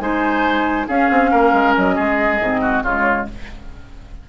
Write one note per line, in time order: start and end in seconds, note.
0.00 0.87 G#3
0.00 0.88 D#4
0.00 0.87 C5
0.00 0.87 G#5
0.87 2.40 C#4
0.87 1.10 C#4
0.87 1.31 G#4
0.87 1.75 F5
1.10 1.32 C4
1.31 1.53 A#3
1.31 1.95 A#4
1.53 1.75 G#3
1.76 1.98 F#3
1.76 2.84 D#5
1.95 2.40 G#3
1.95 2.61 G#4
2.40 2.83 G#2
2.40 2.85 C4
2.61 2.83 F#4
2.83 3.27 C#3
2.83 3.29 G#3
2.83 3.27 F4
2.83 3.27 C#5